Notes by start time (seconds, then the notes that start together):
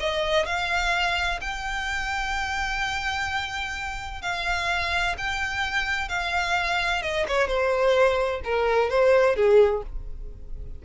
0.00 D#5
0.46 F5
1.41 G5
4.22 F5
5.18 G5
6.09 F5
7.02 D#5
7.28 C#5
7.48 C5
8.45 A#4
8.90 C5
9.36 G#4